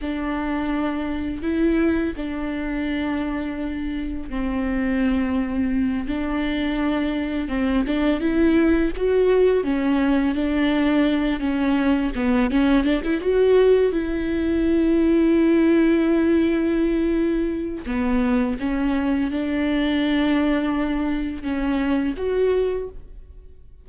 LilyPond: \new Staff \with { instrumentName = "viola" } { \time 4/4 \tempo 4 = 84 d'2 e'4 d'4~ | d'2 c'2~ | c'8 d'2 c'8 d'8 e'8~ | e'8 fis'4 cis'4 d'4. |
cis'4 b8 cis'8 d'16 e'16 fis'4 e'8~ | e'1~ | e'4 b4 cis'4 d'4~ | d'2 cis'4 fis'4 | }